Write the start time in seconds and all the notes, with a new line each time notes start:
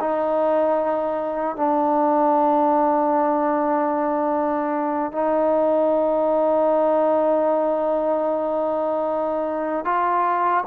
0.00 D#4
1.56 D4
5.12 D#4
9.85 F4